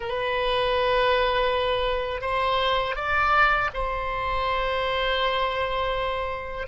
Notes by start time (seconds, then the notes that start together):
0.00 B4
2.21 C5
2.95 D5
3.73 C5